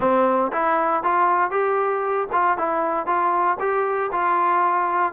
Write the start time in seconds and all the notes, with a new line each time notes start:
0.00 C4
0.52 E4
1.03 F4
1.50 G4
2.32 F4
2.57 E4
3.06 F4
3.59 G4
4.12 F4